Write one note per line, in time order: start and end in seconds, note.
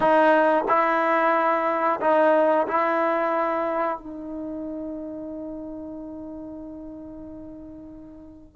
0.00 0.64 D#4
0.68 2.00 E4
2.00 2.66 D#4
2.67 3.98 E4
3.98 8.56 D#4